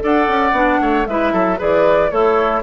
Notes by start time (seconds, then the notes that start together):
0.00 D4 A4 D5 F#5
0.28 C#4
0.52 B3 D4
0.81 A3 C#5
1.07 G#3 E4 B4 E5
1.33 F#3 A4
1.57 E3 G#4 B4 D5
2.10 A3 E4 A4 C#5